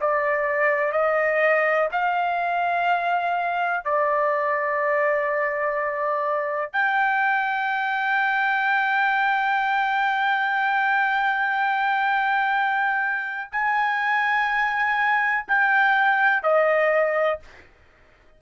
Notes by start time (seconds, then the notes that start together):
0.00 D5
0.92 D#5
1.91 F5
3.84 D5
6.72 G5
13.51 G#5
15.47 G5
16.43 D#5